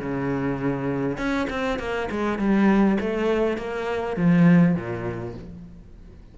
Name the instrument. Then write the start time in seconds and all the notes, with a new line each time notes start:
cello
0.00 C#3
1.17 C#4
1.50 C4
1.78 A#3
2.11 G#3
2.38 G3
3.00 A3
3.57 A#3
4.16 F3
4.75 A#2